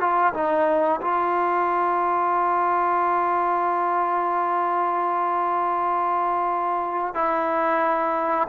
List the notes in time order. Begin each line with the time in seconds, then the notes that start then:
0.00 F4
0.34 D#4
1.01 F4
7.15 E4